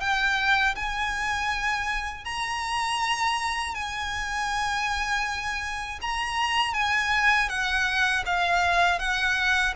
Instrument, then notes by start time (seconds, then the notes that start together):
violin
0.00 G5
0.75 G#5
2.25 A#5
3.74 G#5
6.01 A#5
6.74 G#5
7.49 F#5
8.26 F5
8.99 F#5